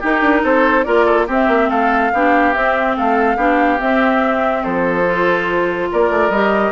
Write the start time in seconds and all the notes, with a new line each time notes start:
0.00 D#4 G4 A#4
0.21 D4
0.44 C4 A4 C5
0.84 A#3 F4 A#4 D5
1.06 A4
1.27 C4 G4 E5
1.48 A#3
1.68 A3 A4 F5
2.13 B3 D4 G4
2.54 C4 E5
2.97 A3 A4 F5
3.37 B3 D4 G4
3.78 C4 E5
4.63 F3 A4 C5
5.06 F4
5.92 A#3 A#4 D5
6.10 A3
6.30 G3 G4 D#5